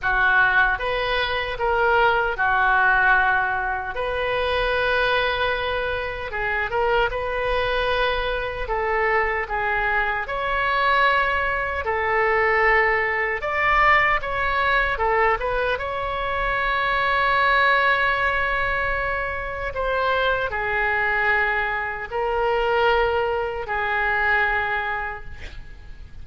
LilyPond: \new Staff \with { instrumentName = "oboe" } { \time 4/4 \tempo 4 = 76 fis'4 b'4 ais'4 fis'4~ | fis'4 b'2. | gis'8 ais'8 b'2 a'4 | gis'4 cis''2 a'4~ |
a'4 d''4 cis''4 a'8 b'8 | cis''1~ | cis''4 c''4 gis'2 | ais'2 gis'2 | }